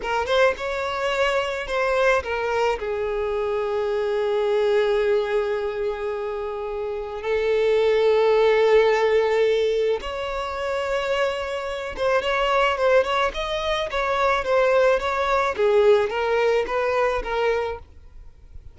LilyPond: \new Staff \with { instrumentName = "violin" } { \time 4/4 \tempo 4 = 108 ais'8 c''8 cis''2 c''4 | ais'4 gis'2.~ | gis'1~ | gis'4 a'2.~ |
a'2 cis''2~ | cis''4. c''8 cis''4 c''8 cis''8 | dis''4 cis''4 c''4 cis''4 | gis'4 ais'4 b'4 ais'4 | }